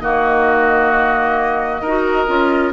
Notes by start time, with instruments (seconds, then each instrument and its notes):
0.00 bassoon D#3, clarinet A#3, oboe F#4, flute D#5
1.82 bassoon D#4, clarinet F#4, oboe A#4
2.27 bassoon C#4, clarinet F4